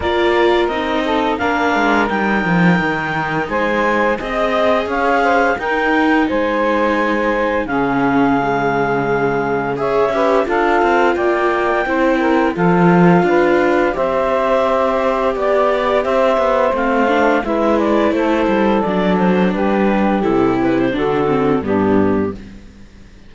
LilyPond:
<<
  \new Staff \with { instrumentName = "clarinet" } { \time 4/4 \tempo 4 = 86 d''4 dis''4 f''4 g''4~ | g''4 gis''4 dis''4 f''4 | g''4 gis''2 f''4~ | f''2 e''4 f''4 |
g''2 f''2 | e''2 d''4 e''4 | f''4 e''8 d''8 c''4 d''8 c''8 | b'4 a'8 b'16 c''16 a'4 g'4 | }
  \new Staff \with { instrumentName = "saxophone" } { \time 4/4 ais'4. a'8 ais'2~ | ais'4 c''4 dis''4 cis''8 c''8 | ais'4 c''2 gis'4~ | gis'2 cis''8 b'8 a'4 |
d''4 c''8 ais'8 a'4 b'4 | c''2 d''4 c''4~ | c''4 b'4 a'2 | g'2 fis'4 d'4 | }
  \new Staff \with { instrumentName = "viola" } { \time 4/4 f'4 dis'4 d'4 dis'4~ | dis'2 gis'2 | dis'2. cis'4 | gis2 gis'8 g'8 f'4~ |
f'4 e'4 f'2 | g'1 | c'8 d'8 e'2 d'4~ | d'4 e'4 d'8 c'8 b4 | }
  \new Staff \with { instrumentName = "cello" } { \time 4/4 ais4 c'4 ais8 gis8 g8 f8 | dis4 gis4 c'4 cis'4 | dis'4 gis2 cis4~ | cis2~ cis8 cis'8 d'8 c'8 |
ais4 c'4 f4 d'4 | c'2 b4 c'8 b8 | a4 gis4 a8 g8 fis4 | g4 c4 d4 g,4 | }
>>